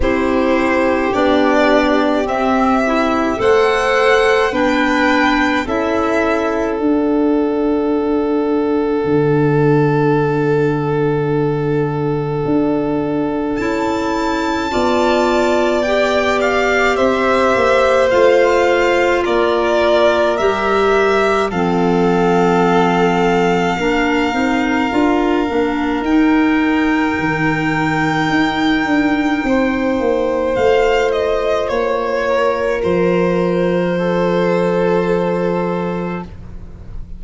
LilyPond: <<
  \new Staff \with { instrumentName = "violin" } { \time 4/4 \tempo 4 = 53 c''4 d''4 e''4 fis''4 | g''4 e''4 fis''2~ | fis''1 | a''2 g''8 f''8 e''4 |
f''4 d''4 e''4 f''4~ | f''2. g''4~ | g''2. f''8 dis''8 | cis''4 c''2. | }
  \new Staff \with { instrumentName = "violin" } { \time 4/4 g'2. c''4 | b'4 a'2.~ | a'1~ | a'4 d''2 c''4~ |
c''4 ais'2 a'4~ | a'4 ais'2.~ | ais'2 c''2~ | c''8 ais'4. a'2 | }
  \new Staff \with { instrumentName = "clarinet" } { \time 4/4 e'4 d'4 c'8 e'8 a'4 | d'4 e'4 d'2~ | d'1 | e'4 f'4 g'2 |
f'2 g'4 c'4~ | c'4 d'8 dis'8 f'8 d'8 dis'4~ | dis'2. f'4~ | f'1 | }
  \new Staff \with { instrumentName = "tuba" } { \time 4/4 c'4 b4 c'4 a4 | b4 cis'4 d'2 | d2. d'4 | cis'4 b2 c'8 ais8 |
a4 ais4 g4 f4~ | f4 ais8 c'8 d'8 ais8 dis'4 | dis4 dis'8 d'8 c'8 ais8 a4 | ais4 f2. | }
>>